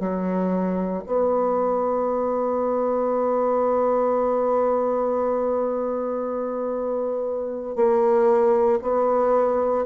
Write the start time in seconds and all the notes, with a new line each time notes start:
0.00 F#3
1.06 B3
7.76 A#3
8.82 B3